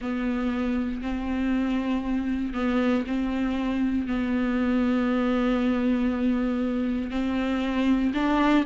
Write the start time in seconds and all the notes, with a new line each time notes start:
0.00 B3
1.01 C4
2.53 B3
3.06 C4
4.07 B3
7.10 C4
8.14 D4